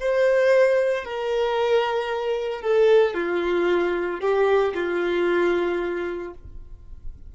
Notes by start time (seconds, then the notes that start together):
0.00 C5
1.05 A#4
2.62 A4
3.14 F4
4.20 G4
4.74 F4